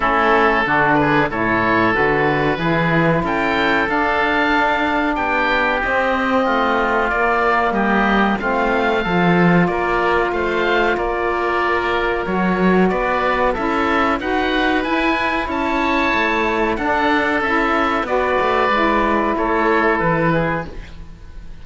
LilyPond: <<
  \new Staff \with { instrumentName = "oboe" } { \time 4/4 \tempo 4 = 93 a'4. b'8 cis''4 b'4~ | b'4 g''4 f''2 | g''4 dis''2 d''4 | dis''4 f''2 d''4 |
f''4 d''2 cis''4 | d''4 e''4 fis''4 gis''4 | a''2 fis''4 e''4 | d''2 cis''4 b'4 | }
  \new Staff \with { instrumentName = "oboe" } { \time 4/4 e'4 fis'8 gis'8 a'2 | gis'4 a'2. | g'2 f'2 | g'4 f'4 a'4 ais'4 |
c''4 ais'2. | b'4 a'4 b'2 | cis''2 a'2 | b'2 a'4. gis'8 | }
  \new Staff \with { instrumentName = "saxophone" } { \time 4/4 cis'4 d'4 e'4 fis'4 | e'2 d'2~ | d'4 c'2 ais4~ | ais4 c'4 f'2~ |
f'2. fis'4~ | fis'4 e'4 fis'4 e'4~ | e'2 d'4 e'4 | fis'4 e'2. | }
  \new Staff \with { instrumentName = "cello" } { \time 4/4 a4 d4 a,4 d4 | e4 cis'4 d'2 | b4 c'4 a4 ais4 | g4 a4 f4 ais4 |
a4 ais2 fis4 | b4 cis'4 dis'4 e'4 | cis'4 a4 d'4 cis'4 | b8 a8 gis4 a4 e4 | }
>>